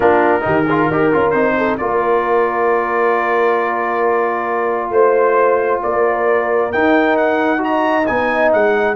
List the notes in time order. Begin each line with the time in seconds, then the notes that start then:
0.00 A#3 D4 F4 A#4
0.41 D#3 D#4 G4
0.64 F4 G#4
0.87 D#4 G4 A#4
1.12 C#4 F4
1.30 C4 D#4 C5
1.57 A4
1.77 A#3 F4 A#4 D5
4.90 A3 C5
5.82 A#3 A#4 D5
6.72 D#4 G5
7.17 F#5
7.58 F#4 D#5 A#5
8.06 B3 D#4 G#5
8.52 G#3 F#5